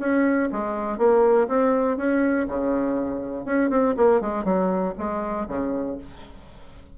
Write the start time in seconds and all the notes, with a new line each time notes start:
0.00 C#4
0.52 G#3
0.98 A#3
1.49 C4
1.98 C#4
2.48 C#3
3.46 C#4
3.70 C4
3.97 A#3
4.21 G#3
4.45 F#3
4.98 G#3
5.48 C#3